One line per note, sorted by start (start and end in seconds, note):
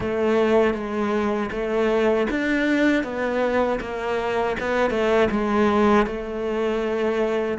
0.00 0.74 A3
0.74 1.50 G#3
1.51 2.27 A3
2.30 3.03 D4
3.03 3.79 B3
3.80 4.56 A#3
4.59 4.90 B3
4.90 5.28 A3
5.30 6.06 G#3
6.06 7.58 A3